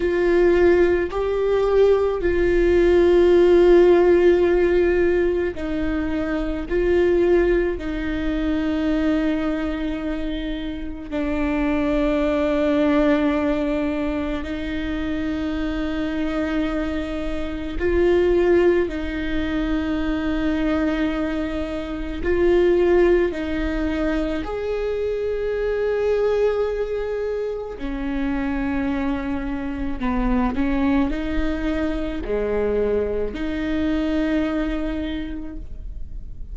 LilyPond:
\new Staff \with { instrumentName = "viola" } { \time 4/4 \tempo 4 = 54 f'4 g'4 f'2~ | f'4 dis'4 f'4 dis'4~ | dis'2 d'2~ | d'4 dis'2. |
f'4 dis'2. | f'4 dis'4 gis'2~ | gis'4 cis'2 b8 cis'8 | dis'4 gis4 dis'2 | }